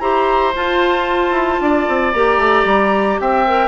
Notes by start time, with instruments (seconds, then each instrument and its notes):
0.00 bassoon E4, clarinet G4, oboe C5, flute A#5
0.55 clarinet F4, bassoon F4, flute A5
1.31 bassoon E4
1.61 bassoon D4, oboe D5
1.88 bassoon C4
2.13 bassoon A#3, clarinet G4, flute A#5
2.37 bassoon A3
2.65 bassoon G3
3.20 bassoon C4, oboe E5, flute G5
3.47 clarinet A#4